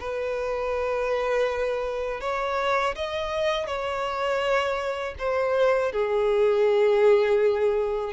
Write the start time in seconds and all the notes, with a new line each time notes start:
0.00 B4
2.21 C#5
2.95 D#5
3.67 C#5
5.19 C5
5.92 G#4